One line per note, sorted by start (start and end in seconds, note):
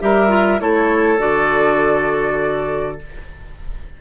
0.00 0.61 G3
0.00 0.29 G4
0.00 0.61 A#4
0.00 0.60 E5
0.29 0.59 F4
0.59 1.19 A3
0.59 1.19 E4
0.59 3.01 A4
0.59 1.20 C#5
1.19 2.99 D3
1.19 2.99 F#4
1.19 3.00 D5